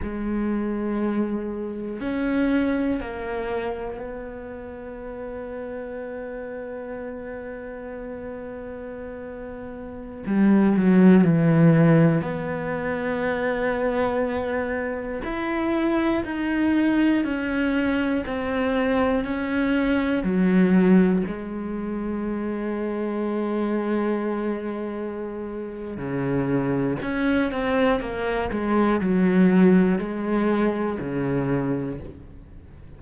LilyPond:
\new Staff \with { instrumentName = "cello" } { \time 4/4 \tempo 4 = 60 gis2 cis'4 ais4 | b1~ | b2~ b16 g8 fis8 e8.~ | e16 b2. e'8.~ |
e'16 dis'4 cis'4 c'4 cis'8.~ | cis'16 fis4 gis2~ gis8.~ | gis2 cis4 cis'8 c'8 | ais8 gis8 fis4 gis4 cis4 | }